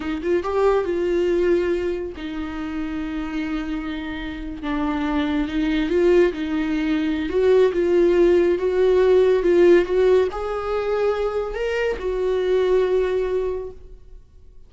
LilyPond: \new Staff \with { instrumentName = "viola" } { \time 4/4 \tempo 4 = 140 dis'8 f'8 g'4 f'2~ | f'4 dis'2.~ | dis'2~ dis'8. d'4~ d'16~ | d'8. dis'4 f'4 dis'4~ dis'16~ |
dis'4 fis'4 f'2 | fis'2 f'4 fis'4 | gis'2. ais'4 | fis'1 | }